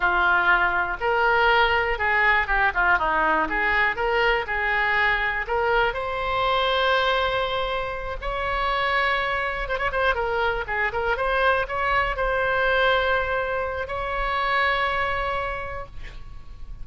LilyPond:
\new Staff \with { instrumentName = "oboe" } { \time 4/4 \tempo 4 = 121 f'2 ais'2 | gis'4 g'8 f'8 dis'4 gis'4 | ais'4 gis'2 ais'4 | c''1~ |
c''8 cis''2. c''16 cis''16 | c''8 ais'4 gis'8 ais'8 c''4 cis''8~ | cis''8 c''2.~ c''8 | cis''1 | }